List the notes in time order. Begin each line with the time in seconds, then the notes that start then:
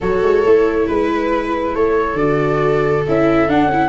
0.00 F#3 F#4 A4 C#5
0.22 G#3
0.45 A3 E4
0.86 G#3 B4
1.74 A3 A4 C#5
2.13 D3 F#4 D5
3.07 C#4 E4 E5
3.48 D4 F#5
3.66 C#4 E4